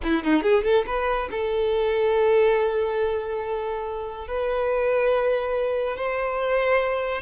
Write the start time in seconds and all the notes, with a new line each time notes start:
0.03 E4
0.23 D#4
0.42 G#4
0.63 A4
0.86 B4
1.30 A4
4.27 B4
5.96 C5